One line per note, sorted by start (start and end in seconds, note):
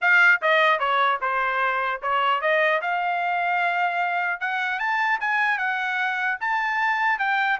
0.01 0.41 F5
0.41 0.79 D#5
0.79 1.19 C#5
1.21 2.01 C5
2.01 2.41 C#5
2.41 2.81 D#5
2.81 4.40 F5
4.40 4.79 F#5
4.79 5.19 A5
5.20 5.57 G#5
5.57 6.37 F#5
6.40 7.18 A5
7.18 7.58 G5